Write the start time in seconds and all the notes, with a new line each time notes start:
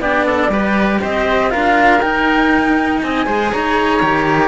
0.00 B3 D4 G4 D5
0.26 A4
0.49 G3 G4 B4
1.01 C4 C5 D#5
1.51 D4 F4 A#4 F5
2.01 D#4 G5
3.03 C4 D#5 G#5
3.26 G#3 G#4 C5
3.52 D#4 C#5 A#5
4.03 D#3 G4